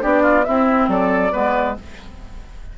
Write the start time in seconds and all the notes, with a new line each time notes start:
0.00 B3 D4 G4 D5
0.23 F4
0.44 C4 E4 E5
0.88 F#3 A4 D5
1.32 G#3 B3 B4